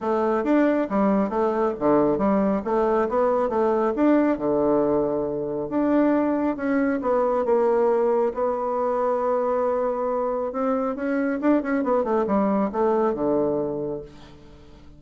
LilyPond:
\new Staff \with { instrumentName = "bassoon" } { \time 4/4 \tempo 4 = 137 a4 d'4 g4 a4 | d4 g4 a4 b4 | a4 d'4 d2~ | d4 d'2 cis'4 |
b4 ais2 b4~ | b1 | c'4 cis'4 d'8 cis'8 b8 a8 | g4 a4 d2 | }